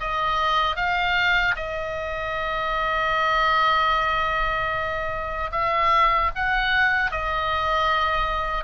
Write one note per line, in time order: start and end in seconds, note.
0.00 0.76 D#5
0.76 1.55 F5
1.56 5.51 D#5
5.52 6.31 E5
6.35 7.11 F#5
7.11 8.64 D#5